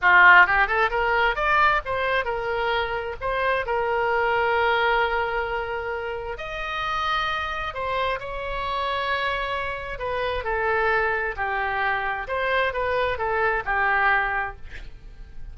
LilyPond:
\new Staff \with { instrumentName = "oboe" } { \time 4/4 \tempo 4 = 132 f'4 g'8 a'8 ais'4 d''4 | c''4 ais'2 c''4 | ais'1~ | ais'2 dis''2~ |
dis''4 c''4 cis''2~ | cis''2 b'4 a'4~ | a'4 g'2 c''4 | b'4 a'4 g'2 | }